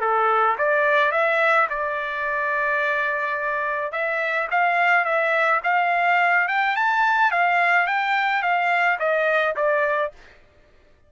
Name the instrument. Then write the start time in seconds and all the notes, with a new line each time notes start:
trumpet
0.00 A4
0.57 D5
1.11 E5
1.69 D5
3.92 E5
4.50 F5
5.04 E5
5.63 F5
6.47 G5
6.75 A5
7.30 F5
7.87 G5
8.42 F5
8.99 D#5
9.56 D5